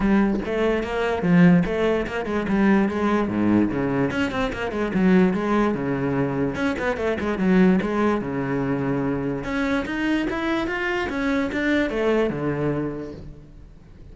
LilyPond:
\new Staff \with { instrumentName = "cello" } { \time 4/4 \tempo 4 = 146 g4 a4 ais4 f4 | a4 ais8 gis8 g4 gis4 | gis,4 cis4 cis'8 c'8 ais8 gis8 | fis4 gis4 cis2 |
cis'8 b8 a8 gis8 fis4 gis4 | cis2. cis'4 | dis'4 e'4 f'4 cis'4 | d'4 a4 d2 | }